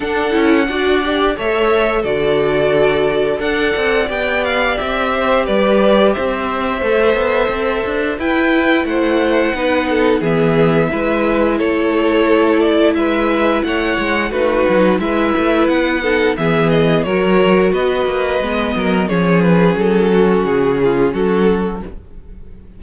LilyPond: <<
  \new Staff \with { instrumentName = "violin" } { \time 4/4 \tempo 4 = 88 fis''2 e''4 d''4~ | d''4 fis''4 g''8 f''8 e''4 | d''4 e''2. | g''4 fis''2 e''4~ |
e''4 cis''4. d''8 e''4 | fis''4 b'4 e''4 fis''4 | e''8 dis''8 cis''4 dis''2 | cis''8 b'8 a'4 gis'4 a'4 | }
  \new Staff \with { instrumentName = "violin" } { \time 4/4 a'4 d''4 cis''4 a'4~ | a'4 d''2~ d''8 c''8 | b'4 c''2. | b'4 c''4 b'8 a'8 gis'4 |
b'4 a'2 b'4 | cis''4 fis'4 b'4. a'8 | gis'4 ais'4 b'4. ais'8 | gis'4. fis'4 f'8 fis'4 | }
  \new Staff \with { instrumentName = "viola" } { \time 4/4 d'8 e'8 fis'8 g'8 a'4 fis'4~ | fis'4 a'4 g'2~ | g'2 a'2 | e'2 dis'4 b4 |
e'1~ | e'4 dis'4 e'4. dis'8 | b4 fis'2 b4 | cis'1 | }
  \new Staff \with { instrumentName = "cello" } { \time 4/4 d'8 cis'8 d'4 a4 d4~ | d4 d'8 c'8 b4 c'4 | g4 c'4 a8 b8 c'8 d'8 | e'4 a4 b4 e4 |
gis4 a2 gis4 | a8 gis8 a8 fis8 gis8 a8 b4 | e4 fis4 b8 ais8 gis8 fis8 | f4 fis4 cis4 fis4 | }
>>